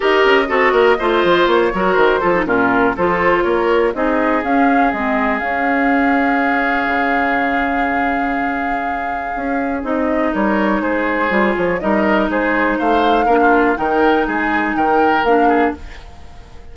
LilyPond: <<
  \new Staff \with { instrumentName = "flute" } { \time 4/4 \tempo 4 = 122 dis''2. cis''4 | c''4 ais'4 c''4 cis''4 | dis''4 f''4 dis''4 f''4~ | f''1~ |
f''1 | dis''4 cis''4 c''4. cis''8 | dis''4 c''4 f''2 | g''4 gis''4 g''4 f''4 | }
  \new Staff \with { instrumentName = "oboe" } { \time 4/4 ais'4 a'8 ais'8 c''4. ais'8~ | ais'8 a'8 f'4 a'4 ais'4 | gis'1~ | gis'1~ |
gis'1~ | gis'4 ais'4 gis'2 | ais'4 gis'4 c''4 ais'16 f'8. | ais'4 gis'4 ais'4. gis'8 | }
  \new Staff \with { instrumentName = "clarinet" } { \time 4/4 g'4 fis'4 f'4. fis'8~ | fis'8 f'16 dis'16 cis'4 f'2 | dis'4 cis'4 c'4 cis'4~ | cis'1~ |
cis'1 | dis'2. f'4 | dis'2. d'4 | dis'2. d'4 | }
  \new Staff \with { instrumentName = "bassoon" } { \time 4/4 dis'8 cis'8 c'8 ais8 a8 f8 ais8 fis8 | dis8 f8 ais,4 f4 ais4 | c'4 cis'4 gis4 cis'4~ | cis'2 cis2~ |
cis2. cis'4 | c'4 g4 gis4 g8 f8 | g4 gis4 a4 ais4 | dis4 gis4 dis4 ais4 | }
>>